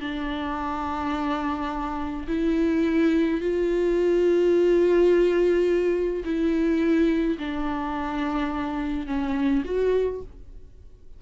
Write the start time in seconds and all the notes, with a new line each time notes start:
0.00 D4
2.27 E4
3.40 F4
6.24 E4
7.38 D4
9.06 C#4
9.65 F#4